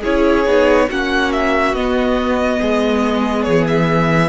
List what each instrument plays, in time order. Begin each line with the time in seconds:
0.00 cello C#4, viola E4, violin G#4 C#5
0.46 cello B3, viola D#4
0.88 cello A#3, viola C#4, violin F#4 F#5
1.32 violin E5
1.73 cello B3, viola B3, violin D#5
2.61 cello G#3, violin G#4
3.43 cello E3, violin C#5
3.67 violin E5